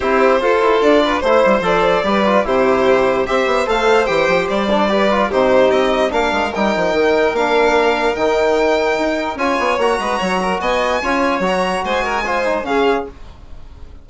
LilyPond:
<<
  \new Staff \with { instrumentName = "violin" } { \time 4/4 \tempo 4 = 147 c''2 d''4 c''4 | d''2 c''2 | e''4 f''4 g''4 d''4~ | d''4 c''4 dis''4 f''4 |
g''2 f''2 | g''2. gis''4 | ais''2 gis''2 | ais''4 gis''2 f''4 | }
  \new Staff \with { instrumentName = "violin" } { \time 4/4 g'4 a'4. b'8 c''4~ | c''4 b'4 g'2 | c''1 | b'4 g'2 ais'4~ |
ais'1~ | ais'2. cis''4~ | cis''8 b'8 cis''8 ais'8 dis''4 cis''4~ | cis''4 c''8 ais'8 c''4 gis'4 | }
  \new Staff \with { instrumentName = "trombone" } { \time 4/4 e'4 f'2 e'4 | a'4 g'8 f'8 e'2 | g'4 a'4 g'4. d'8 | g'8 f'8 dis'2 d'4 |
dis'2 d'2 | dis'2. f'4 | fis'2. f'4 | fis'2 f'8 dis'8 cis'4 | }
  \new Staff \with { instrumentName = "bassoon" } { \time 4/4 c'4 f'8 e'8 d'4 a8 g8 | f4 g4 c2 | c'8 b8 a4 e8 f8 g4~ | g4 c4 c'4 ais8 gis8 |
g8 f8 dis4 ais2 | dis2 dis'4 cis'8 b8 | ais8 gis8 fis4 b4 cis'4 | fis4 gis2 cis4 | }
>>